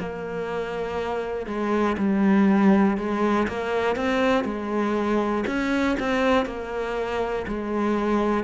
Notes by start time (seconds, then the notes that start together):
0.00 A#3
1.47 G#3
1.98 G3
2.98 G#3
3.48 A#3
3.96 C4
4.45 G#3
5.47 C#4
6.00 C4
6.46 A#3
7.47 G#3